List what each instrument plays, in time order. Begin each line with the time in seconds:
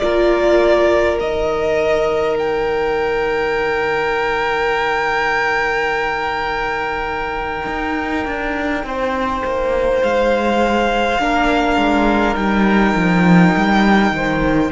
0.00 cello A#3, viola F4, violin A#4 D5
1.18 cello D#3, viola D#4, violin D#5
2.38 violin G5
7.67 cello D#4
8.26 cello D4
8.84 cello C4, violin C5
9.45 cello A#3
10.02 cello G#3, violin F5
11.19 cello A#3, viola D4, violin A#4
11.77 cello G#3
12.35 cello G3, viola D#4, violin G5
12.96 cello F3
13.57 cello G3
14.12 cello D#3, violin C5